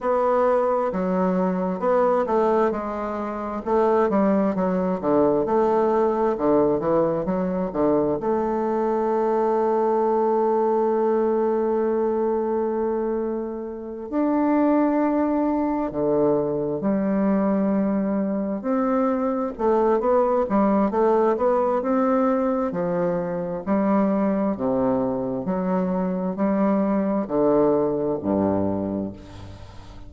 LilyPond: \new Staff \with { instrumentName = "bassoon" } { \time 4/4 \tempo 4 = 66 b4 fis4 b8 a8 gis4 | a8 g8 fis8 d8 a4 d8 e8 | fis8 d8 a2.~ | a2.~ a8 d'8~ |
d'4. d4 g4.~ | g8 c'4 a8 b8 g8 a8 b8 | c'4 f4 g4 c4 | fis4 g4 d4 g,4 | }